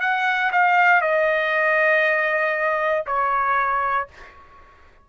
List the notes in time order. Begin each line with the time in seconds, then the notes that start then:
0.00 F#5
0.52 F5
1.01 D#5
3.06 C#5